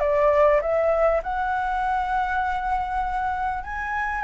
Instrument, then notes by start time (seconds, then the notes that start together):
flute
0.00 D5
0.61 E5
1.23 F#5
3.64 G#5